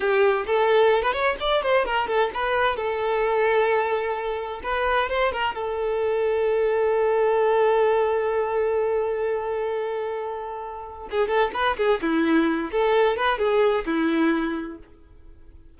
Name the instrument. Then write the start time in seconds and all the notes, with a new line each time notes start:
violin
0.00 G4
0.46 A4
1.02 B4
1.12 C#5
1.40 D5
1.62 C5
1.85 A#4
2.07 A4
2.33 B4
2.76 A4
4.63 B4
5.09 C5
5.32 A#4
5.54 A4
11.10 G#4
11.27 A4
11.53 B4
11.77 G#4
12.01 E4
12.71 A4
13.16 B4
13.38 G#4
13.85 E4